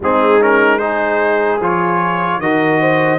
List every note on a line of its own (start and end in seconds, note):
0.00 1.60 G#3
0.00 0.40 C4
0.00 0.79 D#4
0.00 0.42 G#4
0.40 0.79 C#4
0.40 0.78 A#4
0.78 1.59 D#4
0.78 2.39 G#4
0.78 1.58 C5
1.60 2.38 F3
1.60 2.42 F4
1.60 2.40 C#5
2.38 3.18 D#3
2.38 3.19 F#4
2.38 2.80 A#4
2.38 3.19 D#5
2.80 3.19 C5